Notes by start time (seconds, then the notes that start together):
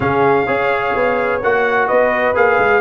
0.00 C#3 C#4 G#4 F5
0.46 C#4 G#4 C#5
0.95 B3
1.42 A#3 F#4 F#5
1.87 B3 B4 D#5
2.34 A#3 G#4 F5
2.58 G#3